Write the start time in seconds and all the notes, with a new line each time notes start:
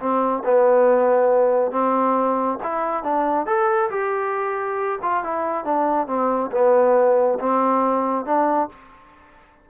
0.00 C4
0.45 B3
1.72 C4
2.63 E4
3.04 D4
3.47 A4
3.91 G4
5.03 F4
5.24 E4
5.65 D4
6.07 C4
6.52 B3
7.40 C4
8.26 D4